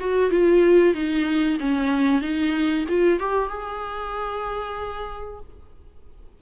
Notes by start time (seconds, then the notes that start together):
0.00 F#4
0.31 F4
0.94 D#4
1.60 C#4
2.21 D#4
2.88 F4
3.19 G4
3.49 G#4